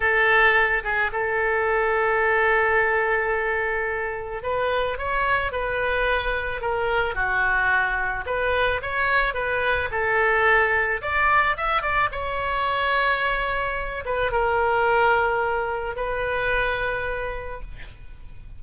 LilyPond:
\new Staff \with { instrumentName = "oboe" } { \time 4/4 \tempo 4 = 109 a'4. gis'8 a'2~ | a'1 | b'4 cis''4 b'2 | ais'4 fis'2 b'4 |
cis''4 b'4 a'2 | d''4 e''8 d''8 cis''2~ | cis''4. b'8 ais'2~ | ais'4 b'2. | }